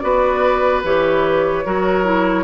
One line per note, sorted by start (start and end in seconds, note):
0.00 0.83 B3
0.00 0.83 F#4
0.00 1.65 B4
0.00 0.81 D5
0.83 1.64 E3
0.83 1.65 G4
0.83 2.44 C#5
1.65 2.44 F#3
1.65 2.04 F#4
1.65 2.44 A#4
2.04 2.44 E4